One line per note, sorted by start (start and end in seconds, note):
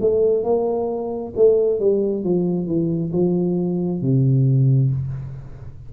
0.00 0.43 A3
0.43 1.33 A#3
1.36 1.80 A3
1.80 2.23 G3
2.23 2.66 F3
2.66 3.11 E3
3.12 4.01 F3
4.01 4.90 C3